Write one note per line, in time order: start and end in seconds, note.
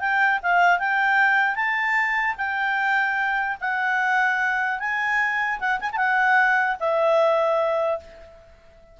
0.00 0.40 G5
0.43 0.79 F5
0.79 1.56 G5
1.56 2.36 A5
2.38 3.58 G5
3.61 4.79 F#5
4.79 5.59 G#5
5.60 5.80 F#5
5.80 5.90 G#5
5.92 6.77 F#5
5.92 5.97 A5
6.80 8.00 E5